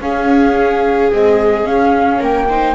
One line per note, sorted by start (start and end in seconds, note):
0.00 1.10 C#4
0.00 1.11 C#4
0.00 2.18 G#4
0.00 1.11 F5
1.12 1.64 G#3
1.12 1.65 C4
1.12 1.66 D#5
1.64 2.46 C#4
1.64 2.20 C#4
1.64 2.21 F5
2.18 2.75 A#3
2.18 2.46 A#4
2.18 2.75 G5
2.48 2.75 D#4
2.48 2.75 C5